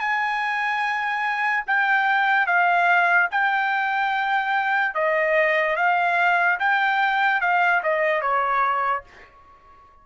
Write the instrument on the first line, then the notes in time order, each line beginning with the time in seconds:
trumpet
0.00 G#5
1.67 G5
2.47 F5
3.31 G5
4.95 D#5
5.76 F5
6.59 G5
7.41 F5
7.83 D#5
8.22 C#5